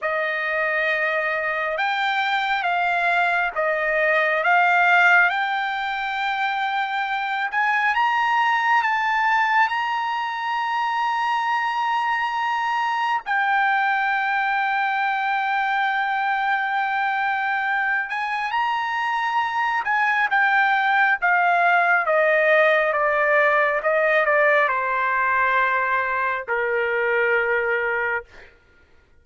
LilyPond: \new Staff \with { instrumentName = "trumpet" } { \time 4/4 \tempo 4 = 68 dis''2 g''4 f''4 | dis''4 f''4 g''2~ | g''8 gis''8 ais''4 a''4 ais''4~ | ais''2. g''4~ |
g''1~ | g''8 gis''8 ais''4. gis''8 g''4 | f''4 dis''4 d''4 dis''8 d''8 | c''2 ais'2 | }